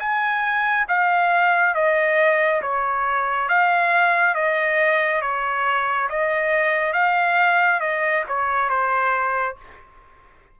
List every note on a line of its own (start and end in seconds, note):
0.00 0.87 G#5
0.89 1.75 F5
1.75 2.62 D#5
2.62 3.49 C#5
3.49 4.35 F5
4.35 5.22 D#5
5.22 6.09 C#5
6.10 6.94 D#5
6.94 7.81 F5
7.81 8.24 D#5
8.28 8.70 C#5
8.70 9.57 C5